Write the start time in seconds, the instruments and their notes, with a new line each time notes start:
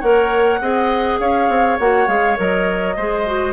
0.00 bassoon A#3, clarinet A#4, oboe C#5, flute F#5
0.61 bassoon C4, clarinet G#4, oboe D#5
1.19 bassoon C#4, oboe C#5, flute F5
1.49 bassoon C4
1.79 bassoon A#3, clarinet F#4, flute F#5
2.07 bassoon G#3, clarinet G#4, flute F5
2.36 bassoon F#3, clarinet A#4, flute D#5
2.96 bassoon G#3, clarinet G#4, oboe C5
3.27 clarinet F#4